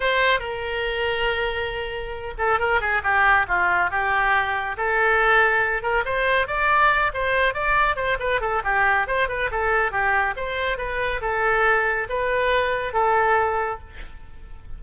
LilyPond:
\new Staff \with { instrumentName = "oboe" } { \time 4/4 \tempo 4 = 139 c''4 ais'2.~ | ais'4. a'8 ais'8 gis'8 g'4 | f'4 g'2 a'4~ | a'4. ais'8 c''4 d''4~ |
d''8 c''4 d''4 c''8 b'8 a'8 | g'4 c''8 b'8 a'4 g'4 | c''4 b'4 a'2 | b'2 a'2 | }